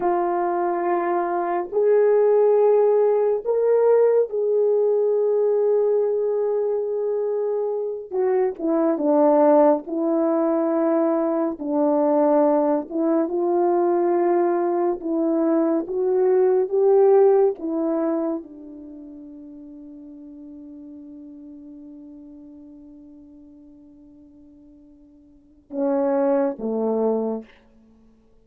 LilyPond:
\new Staff \with { instrumentName = "horn" } { \time 4/4 \tempo 4 = 70 f'2 gis'2 | ais'4 gis'2.~ | gis'4. fis'8 e'8 d'4 e'8~ | e'4. d'4. e'8 f'8~ |
f'4. e'4 fis'4 g'8~ | g'8 e'4 d'2~ d'8~ | d'1~ | d'2 cis'4 a4 | }